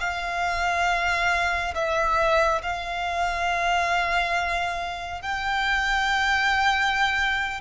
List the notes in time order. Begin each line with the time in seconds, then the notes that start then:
0.00 F5
1.75 E5
2.62 F5
5.21 G5